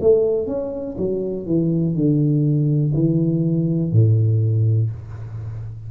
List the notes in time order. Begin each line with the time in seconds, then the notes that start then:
0.00 A3
0.46 C#4
0.97 F#3
1.45 E3
1.94 D3
2.94 E3
3.92 A2